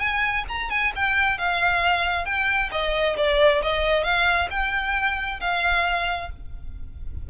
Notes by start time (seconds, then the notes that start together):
0.00 G#5
0.49 A#5
0.70 G#5
0.96 G5
1.38 F5
2.26 G5
2.72 D#5
3.17 D5
3.63 D#5
4.04 F5
4.51 G5
5.41 F5